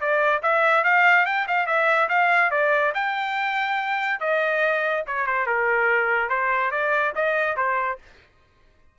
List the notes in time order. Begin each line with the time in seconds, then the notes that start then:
0.00 D5
0.43 E5
0.84 F5
1.26 G5
1.48 F5
1.67 E5
2.09 F5
2.51 D5
2.95 G5
4.20 D#5
5.07 C#5
5.27 C5
5.46 A#4
6.29 C5
6.71 D5
7.15 D#5
7.57 C5